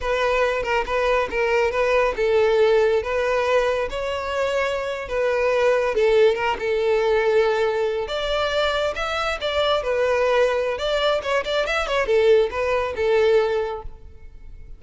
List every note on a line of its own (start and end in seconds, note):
0.00 0.63 B4
0.63 0.84 A#4
0.85 1.29 B4
1.30 1.71 A#4
1.71 2.14 B4
2.16 3.02 A4
3.02 3.88 B4
3.90 5.08 C#5
5.08 5.94 B4
5.95 6.35 A4
6.35 6.56 A#4
6.59 8.07 A4
8.07 8.94 D5
8.95 9.38 E5
9.40 9.83 D5
9.83 10.78 B4
10.78 11.21 D5
11.22 11.44 C#5
11.44 11.66 D5
11.66 11.87 E5
11.87 12.06 C#5
12.06 12.49 A4
12.50 12.94 B4
12.96 13.82 A4